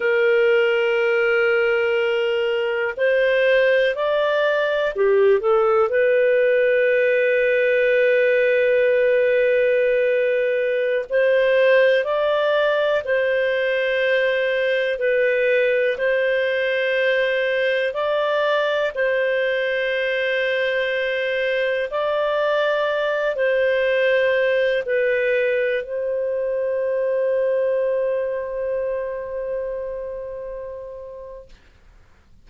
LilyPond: \new Staff \with { instrumentName = "clarinet" } { \time 4/4 \tempo 4 = 61 ais'2. c''4 | d''4 g'8 a'8 b'2~ | b'2.~ b'16 c''8.~ | c''16 d''4 c''2 b'8.~ |
b'16 c''2 d''4 c''8.~ | c''2~ c''16 d''4. c''16~ | c''4~ c''16 b'4 c''4.~ c''16~ | c''1 | }